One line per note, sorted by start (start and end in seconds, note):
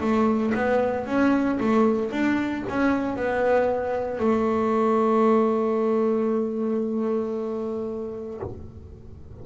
0.00 0.53 A3
0.54 1.06 B3
1.06 1.58 C#4
1.60 2.11 A3
2.11 2.64 D4
2.69 3.16 C#4
3.16 4.19 B3
4.19 8.40 A3